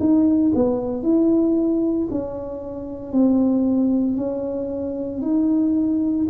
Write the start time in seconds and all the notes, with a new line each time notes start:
0.00 D#4
0.56 B3
1.03 E4
2.11 C#4
3.13 C4
4.17 C#4
5.22 D#4